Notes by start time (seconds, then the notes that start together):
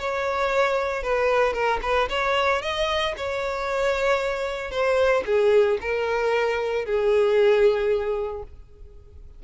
0.00 C#5
1.04 B4
1.54 A#4
1.83 B4
2.10 C#5
2.62 D#5
3.17 C#5
4.71 C5
5.26 G#4
5.82 A#4
6.86 G#4